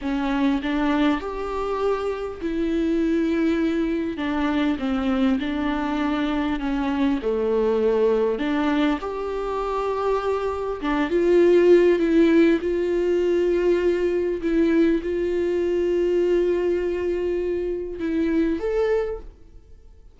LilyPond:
\new Staff \with { instrumentName = "viola" } { \time 4/4 \tempo 4 = 100 cis'4 d'4 g'2 | e'2. d'4 | c'4 d'2 cis'4 | a2 d'4 g'4~ |
g'2 d'8 f'4. | e'4 f'2. | e'4 f'2.~ | f'2 e'4 a'4 | }